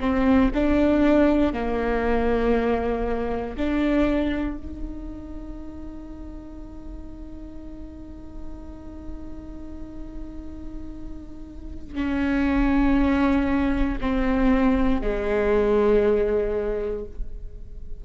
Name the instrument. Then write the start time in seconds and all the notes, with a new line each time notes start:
viola
0.00 C4
0.54 D4
1.53 A#3
3.57 D4
4.58 D#4
11.95 C#4
14.01 C4
15.01 G#3